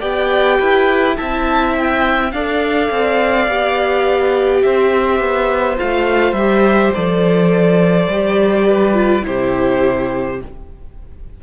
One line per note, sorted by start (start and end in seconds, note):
0.00 0.60 B3
0.00 1.16 G4
0.00 0.58 D5
0.00 1.16 G5
0.59 1.18 E4
0.59 1.17 B4
1.16 2.32 C4
1.16 2.31 E4
1.16 2.33 E5
1.16 1.74 A5
1.78 2.32 G5
2.32 2.90 D4
2.32 3.49 A4
2.32 4.65 D5
2.32 4.62 F5
2.91 3.48 C4
3.48 4.63 B3
3.48 5.77 G4
4.62 5.20 C4
4.62 8.68 C5
4.62 5.78 E5
5.20 5.77 B3
5.77 6.33 A3
5.77 6.35 F4
5.77 6.34 F5
6.33 6.90 G3
6.33 6.95 G4
6.33 6.91 E5
6.94 8.07 F3
6.94 8.12 A4
6.94 9.25 D5
8.07 9.23 G3
8.07 8.94 G4
8.68 9.25 B4
8.94 9.22 F4
9.22 10.41 C3
9.22 10.37 E4
9.22 10.43 G4
9.22 10.41 C5